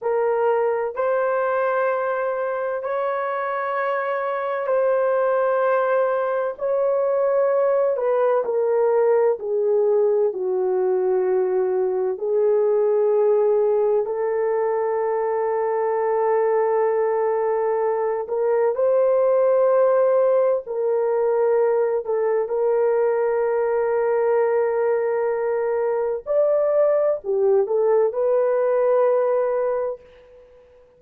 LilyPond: \new Staff \with { instrumentName = "horn" } { \time 4/4 \tempo 4 = 64 ais'4 c''2 cis''4~ | cis''4 c''2 cis''4~ | cis''8 b'8 ais'4 gis'4 fis'4~ | fis'4 gis'2 a'4~ |
a'2.~ a'8 ais'8 | c''2 ais'4. a'8 | ais'1 | d''4 g'8 a'8 b'2 | }